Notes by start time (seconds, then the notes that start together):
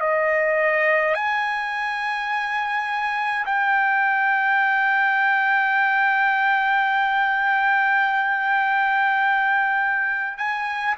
0.00 D#5
1.14 G#5
3.46 G5
10.37 G#5